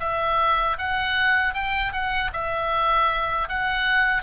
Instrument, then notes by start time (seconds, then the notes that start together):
oboe
0.00 E5
0.78 F#5
1.54 G5
1.93 F#5
2.33 E5
3.49 F#5